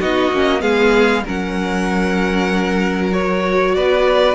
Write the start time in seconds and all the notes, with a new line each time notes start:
0.00 B3 D#4 F#4 D#5
0.32 A#3 C#4
0.60 G#3 B3 G#4 F5
1.24 F#3 C#4 A#4 F#5
3.12 F#4 C#5
3.75 B3 B4 D5